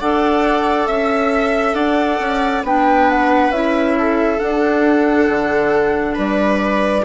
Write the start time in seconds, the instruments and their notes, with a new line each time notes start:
0.00 bassoon D4, clarinet A4, viola D5, flute F#5
0.87 bassoon C#4, flute E5, viola E5
1.75 bassoon D4, viola D5, flute F#5
2.19 bassoon C#4
2.63 bassoon B3, clarinet D4, viola B4, flute G5
3.11 flute F#5
3.50 bassoon C#4, clarinet E4, flute E5
3.99 viola A4
4.38 clarinet D4, bassoon D4, flute F#5
5.29 bassoon D3
6.15 bassoon G3, viola B4, flute D5